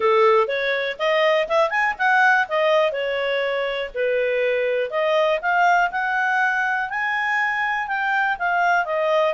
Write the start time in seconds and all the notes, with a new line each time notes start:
0.00 A4
0.47 C#5
0.98 D#5
1.48 E5
1.70 G#5
1.98 F#5
2.48 D#5
2.92 C#5
3.94 B4
4.90 D#5
5.41 F5
5.91 F#5
6.89 G#5
7.87 G5
8.38 F5
8.85 D#5